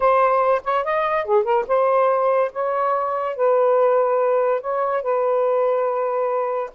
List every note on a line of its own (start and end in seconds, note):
0.00 0.61 C5
0.64 0.84 C#5
0.84 1.25 D#5
1.25 1.44 G#4
1.44 1.65 A#4
1.67 2.51 C5
2.52 3.36 C#5
3.36 4.61 B4
4.61 5.02 C#5
5.02 6.70 B4